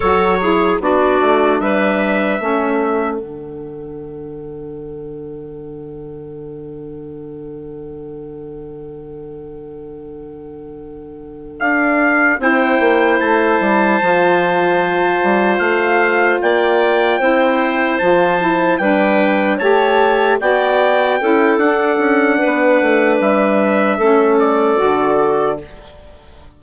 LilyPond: <<
  \new Staff \with { instrumentName = "trumpet" } { \time 4/4 \tempo 4 = 75 cis''4 d''4 e''2 | fis''1~ | fis''1~ | fis''2~ fis''8 f''4 g''8~ |
g''8 a''2. f''8~ | f''8 g''2 a''4 g''8~ | g''8 a''4 g''4. fis''4~ | fis''4 e''4. d''4. | }
  \new Staff \with { instrumentName = "clarinet" } { \time 4/4 a'8 gis'8 fis'4 b'4 a'4~ | a'1~ | a'1~ | a'2.~ a'8 c''8~ |
c''1~ | c''8 d''4 c''2 b'8~ | b'8 cis''4 d''4 a'4. | b'2 a'2 | }
  \new Staff \with { instrumentName = "saxophone" } { \time 4/4 fis'8 e'8 d'2 cis'4 | d'1~ | d'1~ | d'2.~ d'8 e'8~ |
e'4. f'2~ f'8~ | f'4. e'4 f'8 e'8 d'8~ | d'8 g'4 fis'4 e'8 d'4~ | d'2 cis'4 fis'4 | }
  \new Staff \with { instrumentName = "bassoon" } { \time 4/4 fis4 b8 a8 g4 a4 | d1~ | d1~ | d2~ d8 d'4 c'8 |
ais8 a8 g8 f4. g8 a8~ | a8 ais4 c'4 f4 g8~ | g8 a4 b4 cis'8 d'8 cis'8 | b8 a8 g4 a4 d4 | }
>>